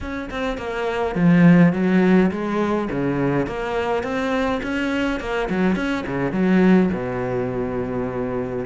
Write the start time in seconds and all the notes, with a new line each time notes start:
0.00 C#4
0.30 C4
0.57 A#3
1.15 F3
1.73 F#3
2.31 G#3
2.91 C#3
3.46 A#3
4.03 C4
4.62 C#4
5.20 A#3
5.49 F#3
5.75 C#4
6.06 C#3
6.32 F#3
6.93 B2